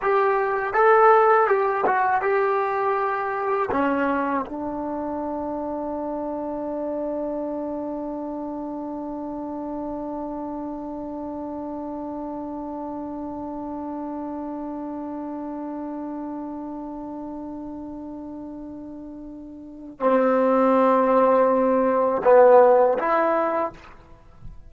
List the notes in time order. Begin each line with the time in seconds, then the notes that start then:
0.02 G4
0.73 A4
1.47 G4
1.86 F#4
2.21 G4
3.71 C#4
4.45 D4
19.99 C4
22.24 B3
22.98 E4